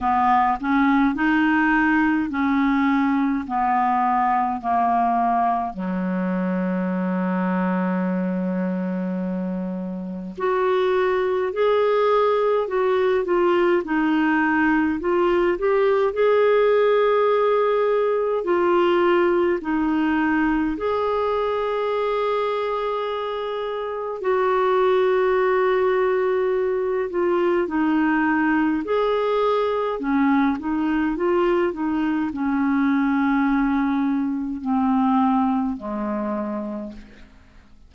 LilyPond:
\new Staff \with { instrumentName = "clarinet" } { \time 4/4 \tempo 4 = 52 b8 cis'8 dis'4 cis'4 b4 | ais4 fis2.~ | fis4 fis'4 gis'4 fis'8 f'8 | dis'4 f'8 g'8 gis'2 |
f'4 dis'4 gis'2~ | gis'4 fis'2~ fis'8 f'8 | dis'4 gis'4 cis'8 dis'8 f'8 dis'8 | cis'2 c'4 gis4 | }